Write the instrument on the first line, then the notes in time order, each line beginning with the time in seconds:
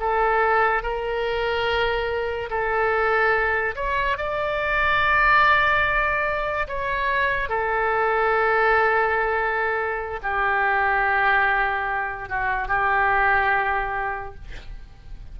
oboe
0.00 A4
0.83 A#4
2.50 A4
3.76 C#5
4.17 D5
6.68 C#5
7.49 A4
10.23 G4
12.29 F#4
12.68 G4